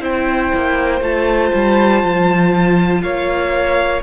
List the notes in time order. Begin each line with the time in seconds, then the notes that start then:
0.00 C4 E4 C5 G5
0.54 A#3
1.01 A3 F4 A5
1.54 G3
2.03 F3
3.02 A#3 C#5 F5